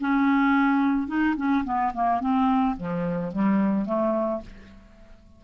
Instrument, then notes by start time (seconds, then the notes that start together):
clarinet
0.00 C#4
1.08 D#4
1.37 C#4
1.65 B3
1.94 A#3
2.20 C4
2.77 F3
3.32 G3
3.86 A3